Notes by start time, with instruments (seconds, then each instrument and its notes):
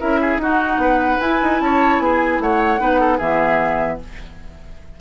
0.00 bassoon C#4, clarinet E4, oboe A#4, flute E5
0.21 oboe G#4
0.38 bassoon D#4, clarinet D#4, oboe F#4, flute F#5
0.77 bassoon B3, oboe B4
1.21 bassoon E4, clarinet E4, flute G#5
1.43 bassoon D#4
1.61 bassoon C#4, oboe C#5, flute A5
1.99 bassoon B3, oboe G#4, flute G#5
2.40 bassoon A3, oboe C#5, flute F#5
2.79 bassoon B3, clarinet D#4, oboe B4
3.01 oboe A4
3.18 bassoon E3, clarinet B3, oboe G#4, flute E5